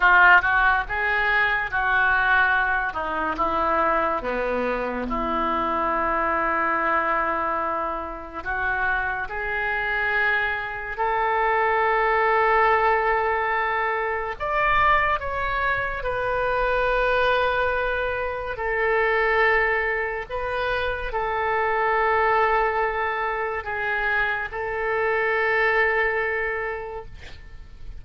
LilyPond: \new Staff \with { instrumentName = "oboe" } { \time 4/4 \tempo 4 = 71 f'8 fis'8 gis'4 fis'4. dis'8 | e'4 b4 e'2~ | e'2 fis'4 gis'4~ | gis'4 a'2.~ |
a'4 d''4 cis''4 b'4~ | b'2 a'2 | b'4 a'2. | gis'4 a'2. | }